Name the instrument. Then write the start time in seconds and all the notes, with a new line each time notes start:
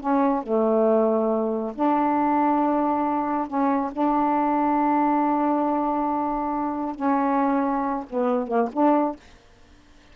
saxophone
0.00 C#4
0.43 A3
1.75 D4
3.47 C#4
3.92 D4
6.95 C#4
8.09 B3
8.47 A#3
8.72 D4